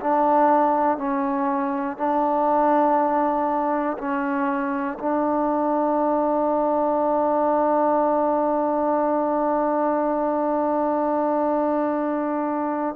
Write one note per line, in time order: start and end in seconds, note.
0.00 0.97 D4
0.97 1.97 C#4
1.97 3.97 D4
3.98 4.98 C#4
4.99 12.95 D4